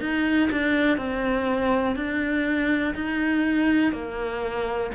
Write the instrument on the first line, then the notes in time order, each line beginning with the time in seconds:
cello
0.00 D#4
0.51 D4
0.97 C4
1.96 D4
2.95 D#4
3.93 A#3